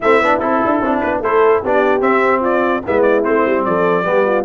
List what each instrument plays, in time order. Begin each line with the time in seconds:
0.00 tuba A3, trombone C4, horn E4, trumpet E5
0.20 tuba B3, trombone D4
0.39 tuba C4, trombone E4, trumpet A4
0.65 tuba D4
0.80 tuba C4, trombone D4
1.00 tuba B3, trumpet B4
1.20 tuba A3, trombone E4, horn A4, trumpet C5
1.62 tuba B3, trombone D4, horn G4, trumpet D5
2.00 trombone C4, tuba C4, trumpet E5
2.40 horn F4, trumpet D5
2.85 tuba G#3, trombone B3, horn E4, trumpet E5
3.02 trumpet D5
3.23 tuba A3, trombone C4, trumpet C5
3.45 tuba G3
3.65 tuba F3, horn A4, trumpet D5
4.04 tuba G3, trombone B3, horn G4
4.25 horn F4